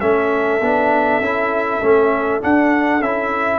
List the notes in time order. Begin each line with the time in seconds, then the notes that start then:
0.00 A3 C#4 A4 E5
0.60 B3 D4
1.20 C#4 E4
1.82 A3 C#4
2.41 D4 F#5
3.00 C#4 E4 E5